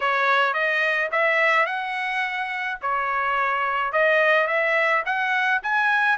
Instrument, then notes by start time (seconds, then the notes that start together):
trumpet
0.00 C#5
0.53 D#5
1.11 E5
1.66 F#5
2.81 C#5
3.92 D#5
4.47 E5
5.05 F#5
5.63 G#5